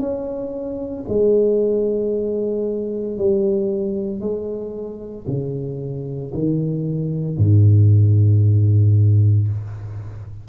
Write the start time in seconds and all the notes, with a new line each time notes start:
0.00 C#4
1.09 G#3
3.18 G3
4.21 G#3
5.28 C#3
6.34 D#3
7.38 G#2